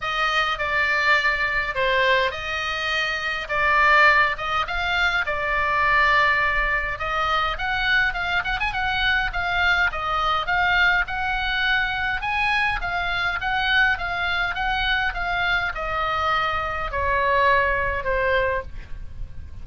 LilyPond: \new Staff \with { instrumentName = "oboe" } { \time 4/4 \tempo 4 = 103 dis''4 d''2 c''4 | dis''2 d''4. dis''8 | f''4 d''2. | dis''4 fis''4 f''8 fis''16 gis''16 fis''4 |
f''4 dis''4 f''4 fis''4~ | fis''4 gis''4 f''4 fis''4 | f''4 fis''4 f''4 dis''4~ | dis''4 cis''2 c''4 | }